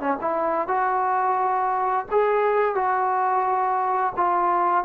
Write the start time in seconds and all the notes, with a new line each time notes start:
0.00 C#4
0.21 E4
0.68 F#4
2.11 G#4
2.75 F#4
4.16 F4